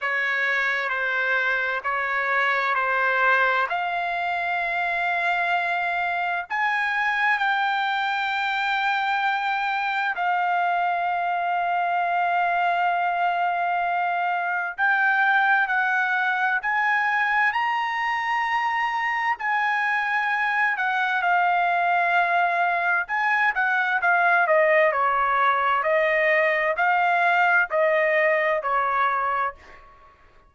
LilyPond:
\new Staff \with { instrumentName = "trumpet" } { \time 4/4 \tempo 4 = 65 cis''4 c''4 cis''4 c''4 | f''2. gis''4 | g''2. f''4~ | f''1 |
g''4 fis''4 gis''4 ais''4~ | ais''4 gis''4. fis''8 f''4~ | f''4 gis''8 fis''8 f''8 dis''8 cis''4 | dis''4 f''4 dis''4 cis''4 | }